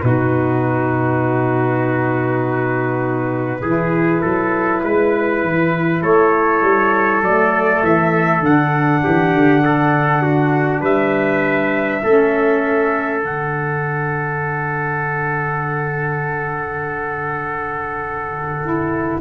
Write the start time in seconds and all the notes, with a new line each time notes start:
0.00 B2 D#4 F#4 B4
3.61 E3 E4 G#4
4.21 F#3 A4
4.83 G#3 B4
5.42 E3
6.02 A3 A4 C#5
6.61 G3
7.21 F#3 A3 D5
7.83 E3 E5
8.39 D3 D4 F#5
9.03 E3 G4
9.33 D3
9.65 A4
10.22 F#4
10.80 G3 B4 E5
12.03 A3 C#4 A4
13.22 D3 D4 F#5
18.61 E4